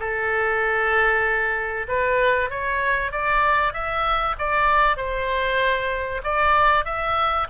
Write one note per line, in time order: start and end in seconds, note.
0.00 1.88 A4
1.89 2.51 B4
2.51 3.12 C#5
3.12 3.74 D5
3.74 4.36 E5
4.39 4.97 D5
4.97 6.22 C5
6.24 6.85 D5
6.85 7.48 E5